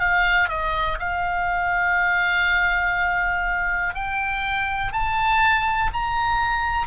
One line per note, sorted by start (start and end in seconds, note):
0.00 0.49 F5
0.50 0.99 D#5
1.00 3.95 F5
3.95 4.93 G5
4.93 5.91 A5
5.94 6.88 A#5